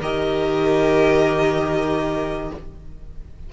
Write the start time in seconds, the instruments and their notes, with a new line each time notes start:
0.00 cello D#3, viola G4, violin A#4 D#5